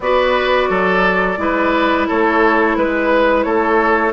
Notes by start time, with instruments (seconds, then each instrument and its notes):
0.00 bassoon B3, clarinet F#4, oboe B4, flute D5
0.69 bassoon F#3, oboe A4
1.37 bassoon G#3, clarinet E4, oboe B4
2.07 bassoon A3, oboe A4, flute C#5
2.76 bassoon G#3, flute B4, oboe B4
3.43 bassoon A3, oboe A4, flute C#5